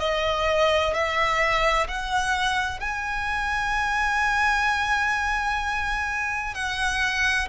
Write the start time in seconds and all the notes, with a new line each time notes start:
0.00 D#5
0.94 E5
1.88 F#5
2.80 G#5
6.55 F#5